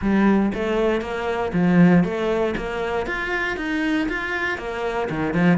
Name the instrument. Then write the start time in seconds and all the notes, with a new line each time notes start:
cello
0.01 G3
0.53 A3
1.01 A#3
1.53 F3
2.04 A3
2.57 A#3
3.06 F4
3.57 D#4
4.08 F4
4.57 A#3
5.09 D#3
5.33 F3